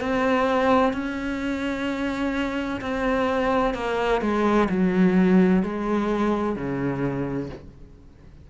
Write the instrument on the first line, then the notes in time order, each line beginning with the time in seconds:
cello
0.00 C4
0.93 C#4
2.81 C4
3.74 A#3
4.21 G#3
4.69 F#3
5.62 G#3
6.55 C#3